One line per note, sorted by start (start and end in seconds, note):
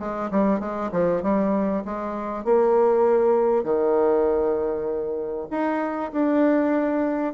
0.00 0.31 G#3
0.31 0.60 G3
0.60 0.91 G#3
0.92 1.23 F3
1.23 1.84 G3
1.85 2.45 G#3
2.45 3.64 A#3
3.64 5.48 D#3
5.51 6.12 D#4
6.13 7.34 D4